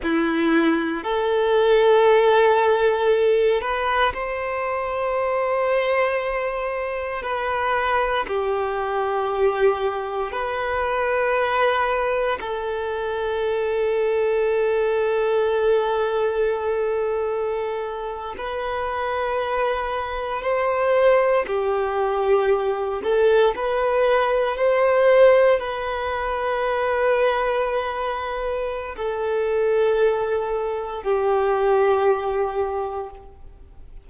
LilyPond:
\new Staff \with { instrumentName = "violin" } { \time 4/4 \tempo 4 = 58 e'4 a'2~ a'8 b'8 | c''2. b'4 | g'2 b'2 | a'1~ |
a'4.~ a'16 b'2 c''16~ | c''8. g'4. a'8 b'4 c''16~ | c''8. b'2.~ b'16 | a'2 g'2 | }